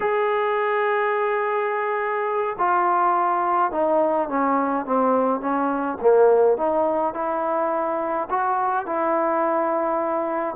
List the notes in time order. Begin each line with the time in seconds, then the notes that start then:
0.00 G#4
2.58 F4
3.71 D#4
4.29 C#4
4.85 C4
5.40 C#4
6.01 A#3
6.57 D#4
7.14 E4
8.30 F#4
8.86 E4